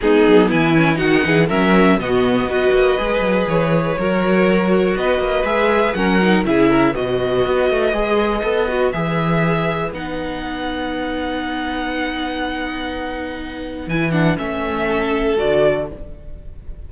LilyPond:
<<
  \new Staff \with { instrumentName = "violin" } { \time 4/4 \tempo 4 = 121 gis'4 gis''4 fis''4 e''4 | dis''2. cis''4~ | cis''2 dis''4 e''4 | fis''4 e''4 dis''2~ |
dis''2 e''2 | fis''1~ | fis''1 | gis''8 fis''8 e''2 d''4 | }
  \new Staff \with { instrumentName = "violin" } { \time 4/4 dis'4 e'4 fis'8 gis'8 ais'4 | fis'4 b'2. | ais'2 b'2 | ais'4 gis'8 ais'8 b'2~ |
b'1~ | b'1~ | b'1~ | b'2 a'2 | }
  \new Staff \with { instrumentName = "viola" } { \time 4/4 b4. cis'8 dis'4 cis'4 | b4 fis'4 gis'2 | fis'2. gis'4 | cis'8 dis'8 e'4 fis'2 |
gis'4 a'8 fis'8 gis'2 | dis'1~ | dis'1 | e'8 d'8 cis'2 fis'4 | }
  \new Staff \with { instrumentName = "cello" } { \time 4/4 gis8 fis8 e4 dis8 e8 fis4 | b,4 b8 ais8 gis8 fis8 e4 | fis2 b8 ais8 gis4 | fis4 cis4 b,4 b8 a8 |
gis4 b4 e2 | b1~ | b1 | e4 a2 d4 | }
>>